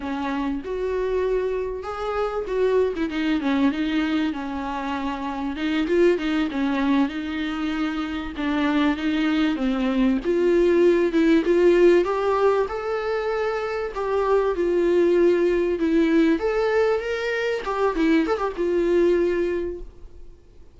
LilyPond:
\new Staff \with { instrumentName = "viola" } { \time 4/4 \tempo 4 = 97 cis'4 fis'2 gis'4 | fis'8. e'16 dis'8 cis'8 dis'4 cis'4~ | cis'4 dis'8 f'8 dis'8 cis'4 dis'8~ | dis'4. d'4 dis'4 c'8~ |
c'8 f'4. e'8 f'4 g'8~ | g'8 a'2 g'4 f'8~ | f'4. e'4 a'4 ais'8~ | ais'8 g'8 e'8 a'16 g'16 f'2 | }